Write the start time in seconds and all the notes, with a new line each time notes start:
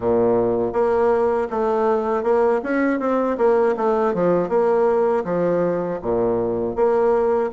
0.00 A#2
0.73 A#3
1.50 A3
2.23 A#3
2.62 C#4
2.99 C4
3.37 A#3
3.77 A3
4.14 F3
4.49 A#3
5.24 F3
6.02 A#2
6.75 A#3